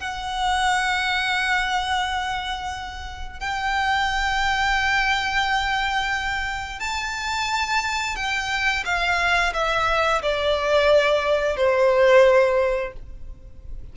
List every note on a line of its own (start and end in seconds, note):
0.00 3.40 F#5
3.40 6.80 G5
6.80 8.16 A5
8.16 8.84 G5
8.85 9.53 F5
9.54 10.22 E5
10.22 11.57 D5
11.57 12.93 C5